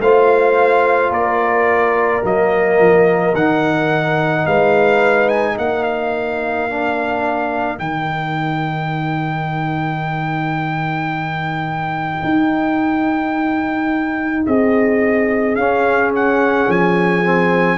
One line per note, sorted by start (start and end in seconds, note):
0.00 1.11 A3
0.00 2.23 F4
0.00 1.11 C5
0.00 1.13 F5
1.11 2.22 A#3
1.11 4.44 A#4
1.11 2.25 D5
2.23 2.80 F#3
2.23 3.34 A#3
2.23 3.35 D#5
2.80 3.34 F3
3.34 4.45 D#3
3.34 6.70 D#4
3.34 4.47 F#5
4.47 5.58 G#3
4.47 5.54 B4
4.47 5.29 F5
5.29 5.57 G#5
5.54 7.80 A#3
5.54 14.43 A#4
5.54 5.84 F#5
5.84 7.78 F5
6.70 7.78 D4
7.78 12.24 D#3
7.78 15.56 D#4
7.78 14.46 G5
12.24 14.47 D#4
14.47 15.56 C4
14.47 17.78 G#4
14.47 15.56 D#5
15.56 16.67 C#4
15.56 17.24 C#4
15.56 16.11 F5
16.16 16.71 F#5
16.69 17.78 F3
16.69 17.78 G#5
17.24 17.78 C4